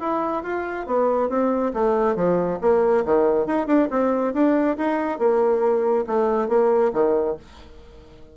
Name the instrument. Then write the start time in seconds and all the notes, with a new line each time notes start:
bassoon
0.00 E4
0.43 F4
0.87 B3
1.29 C4
1.74 A3
2.16 F3
2.61 A#3
3.05 D#3
3.47 D#4
3.67 D4
3.91 C4
4.34 D4
4.77 D#4
5.19 A#3
6.07 A3
6.48 A#3
6.93 D#3